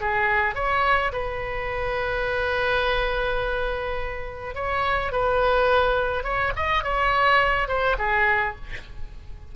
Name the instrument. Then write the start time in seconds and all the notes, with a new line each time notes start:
oboe
0.00 G#4
0.55 C#5
1.12 B4
4.54 C#5
5.11 B4
6.23 C#5
6.56 D#5
6.83 C#5
7.67 C5
7.98 G#4